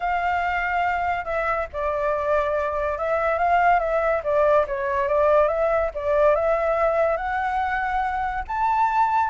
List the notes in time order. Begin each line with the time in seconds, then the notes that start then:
0.00 F5
1.24 E5
1.72 D5
2.98 E5
3.38 F5
3.79 E5
4.23 D5
4.67 C#5
5.08 D5
5.48 E5
5.94 D5
6.35 E5
7.16 F#5
8.47 A5